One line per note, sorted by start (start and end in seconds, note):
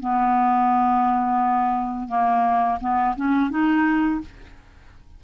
0.00 2.09 B3
2.09 2.79 A#3
2.80 3.16 B3
3.17 3.50 C#4
3.50 4.21 D#4